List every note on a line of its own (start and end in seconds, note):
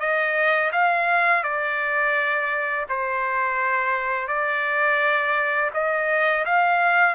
0.00 0.71 D#5
0.73 1.44 F5
1.44 2.86 D5
2.89 4.28 C5
4.28 5.71 D5
5.74 6.45 D#5
6.46 7.16 F5